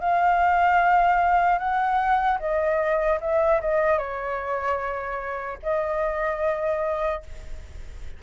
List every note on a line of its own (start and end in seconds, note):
0.00 1.59 F5
1.59 2.39 F#5
2.39 3.20 D#5
3.21 3.61 E5
3.61 3.98 D#5
3.98 5.58 C#5
5.63 7.23 D#5